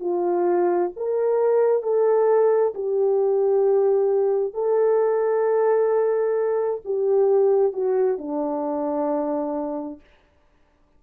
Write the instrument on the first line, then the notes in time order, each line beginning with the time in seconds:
horn
0.00 F4
0.96 A#4
1.83 A4
2.74 G4
4.53 A4
6.84 G4
7.72 F#4
8.18 D4